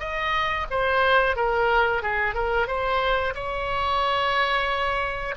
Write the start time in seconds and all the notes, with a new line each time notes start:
0.00 D#5
0.71 C5
1.36 A#4
2.03 G#4
2.35 A#4
2.67 C5
3.35 C#5